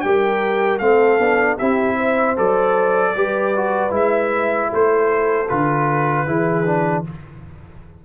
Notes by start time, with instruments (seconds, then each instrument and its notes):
0.00 tuba G3, trombone G4, horn A#4, trumpet G5
0.79 tuba A3, trombone C4, horn A4, trumpet F5
1.19 tuba B3, trombone D4
1.57 tuba C4, trombone E4, horn G4, trumpet E5
1.96 horn C5
2.37 tuba F#3, trombone A4, trumpet D5
3.15 tuba G3, trombone G4, horn B4
3.56 trombone F#4
3.90 tuba G#3, trombone E4, trumpet E5
4.71 tuba A3, horn A4, trumpet C5
5.48 tuba D3, trombone F4, trumpet B4
6.26 tuba E3, trombone E4, horn G#4
6.65 trombone D4